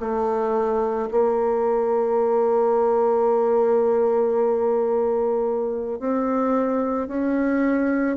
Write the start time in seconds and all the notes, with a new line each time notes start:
0.00 A3
1.11 A#3
6.00 C4
7.08 C#4